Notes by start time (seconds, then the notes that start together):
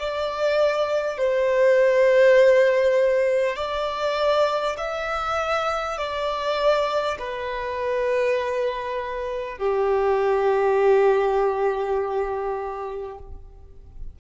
0.00 D5
1.18 C5
3.57 D5
4.78 E5
5.98 D5
7.19 B4
9.59 G4